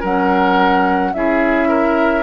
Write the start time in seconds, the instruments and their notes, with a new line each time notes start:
0.00 bassoon F#3, clarinet C#4, oboe A#4, flute F#5
1.13 bassoon C#4, clarinet E4, oboe G#4, flute E5
1.69 oboe A#4